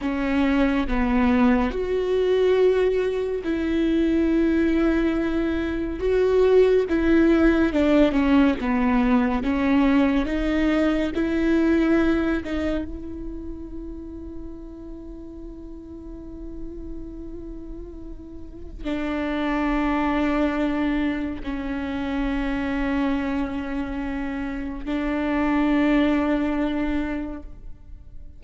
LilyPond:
\new Staff \with { instrumentName = "viola" } { \time 4/4 \tempo 4 = 70 cis'4 b4 fis'2 | e'2. fis'4 | e'4 d'8 cis'8 b4 cis'4 | dis'4 e'4. dis'8 e'4~ |
e'1~ | e'2 d'2~ | d'4 cis'2.~ | cis'4 d'2. | }